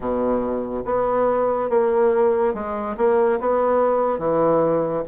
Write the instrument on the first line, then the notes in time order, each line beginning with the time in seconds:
bassoon
0.00 B2
0.85 B3
1.69 A#3
2.54 G#3
2.97 A#3
3.40 B3
4.18 E3